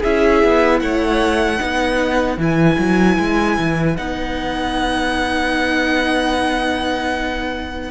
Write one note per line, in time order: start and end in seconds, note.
0.00 0.43 C#4
0.00 1.59 E4
0.00 0.79 G#4
0.00 0.80 E5
0.43 0.81 B3
0.80 1.60 A3
0.80 1.60 C#5
0.80 2.38 F#5
1.59 2.37 B3
1.59 2.37 D#4
1.59 7.90 B4
2.37 2.77 E3
2.37 3.96 E4
2.37 3.97 G#5
2.78 3.18 F#3
3.19 3.58 G#3
3.59 3.98 E3
3.96 7.90 B3
3.96 7.90 D#4
3.96 7.90 F#5